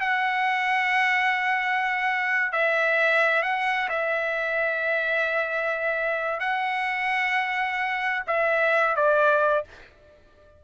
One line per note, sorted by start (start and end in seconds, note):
0.00 2.52 F#5
2.52 3.42 E5
3.42 3.88 F#5
3.89 6.40 E5
6.40 8.23 F#5
8.27 8.95 E5
8.95 9.64 D5